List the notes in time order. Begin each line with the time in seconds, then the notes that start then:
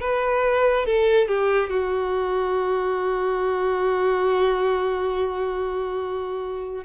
0.00 B4
0.85 A4
1.27 G4
1.69 F#4